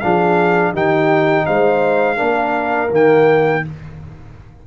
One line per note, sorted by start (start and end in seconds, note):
0.00 0.72 F3
0.00 0.75 D4
0.00 0.73 G#4
0.00 0.72 F5
0.72 1.45 D#3
0.72 2.16 D#4
0.72 1.45 G4
0.72 1.46 G5
1.46 2.20 G#3
1.46 2.17 C5
1.46 2.91 F5
2.16 2.91 A#3
2.16 2.89 D4
2.16 3.62 A#4
2.90 3.64 D#3
2.90 3.63 A#3
2.90 3.67 G5